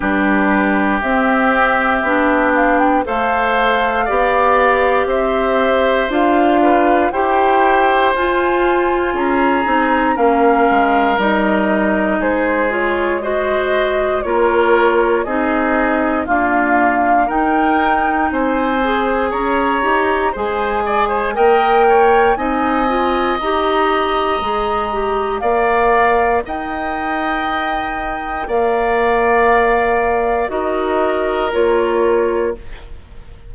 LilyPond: <<
  \new Staff \with { instrumentName = "flute" } { \time 4/4 \tempo 4 = 59 b'4 e''4. f''16 g''16 f''4~ | f''4 e''4 f''4 g''4 | gis''4 ais''4 f''4 dis''4 | c''8 cis''8 dis''4 cis''4 dis''4 |
f''4 g''4 gis''4 ais''4 | gis''4 g''4 gis''4 ais''4~ | ais''4 f''4 g''2 | f''2 dis''4 cis''4 | }
  \new Staff \with { instrumentName = "oboe" } { \time 4/4 g'2. c''4 | d''4 c''4. b'8 c''4~ | c''4 gis'4 ais'2 | gis'4 c''4 ais'4 gis'4 |
f'4 ais'4 c''4 cis''4 | c''8 d''16 c''16 dis''8 cis''8 dis''2~ | dis''4 d''4 dis''2 | d''2 ais'2 | }
  \new Staff \with { instrumentName = "clarinet" } { \time 4/4 d'4 c'4 d'4 a'4 | g'2 f'4 g'4 | f'4. dis'8 cis'4 dis'4~ | dis'8 f'8 fis'4 f'4 dis'4 |
ais4 dis'4. gis'4 g'8 | gis'4 ais'4 dis'8 f'8 g'4 | gis'8 g'8 ais'2.~ | ais'2 fis'4 f'4 | }
  \new Staff \with { instrumentName = "bassoon" } { \time 4/4 g4 c'4 b4 a4 | b4 c'4 d'4 e'4 | f'4 cis'8 c'8 ais8 gis8 g4 | gis2 ais4 c'4 |
d'4 dis'4 c'4 cis'8 dis'8 | gis4 ais4 c'4 dis'4 | gis4 ais4 dis'2 | ais2 dis'4 ais4 | }
>>